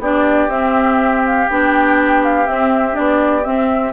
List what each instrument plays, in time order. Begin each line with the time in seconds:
0.00 bassoon B3, clarinet D4, oboe G4, flute D5
0.48 bassoon C4, clarinet C4, flute E5
1.26 flute F5
1.51 bassoon B3, clarinet D4, flute G5
2.24 flute F5
2.47 clarinet C4, bassoon C4, flute E5
2.93 bassoon B3, clarinet D4, flute D5
3.45 clarinet C4, bassoon C4, flute E5